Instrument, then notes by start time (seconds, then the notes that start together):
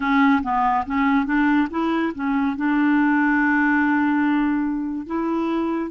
clarinet
0.00 C#4
0.42 B3
0.86 C#4
1.25 D4
1.70 E4
2.14 C#4
2.56 D4
5.06 E4